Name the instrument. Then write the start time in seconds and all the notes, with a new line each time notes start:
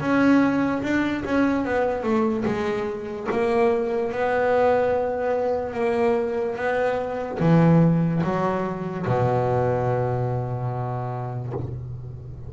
double bass
0.00 C#4
0.83 D4
1.25 C#4
1.65 B3
2.03 A3
2.45 G#3
3.31 A#3
4.12 B3
5.74 A#3
6.56 B3
7.40 E3
8.24 F#3
9.07 B2